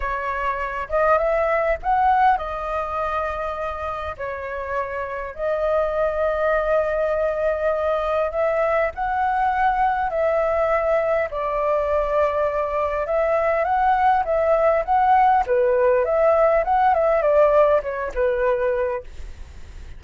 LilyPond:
\new Staff \with { instrumentName = "flute" } { \time 4/4 \tempo 4 = 101 cis''4. dis''8 e''4 fis''4 | dis''2. cis''4~ | cis''4 dis''2.~ | dis''2 e''4 fis''4~ |
fis''4 e''2 d''4~ | d''2 e''4 fis''4 | e''4 fis''4 b'4 e''4 | fis''8 e''8 d''4 cis''8 b'4. | }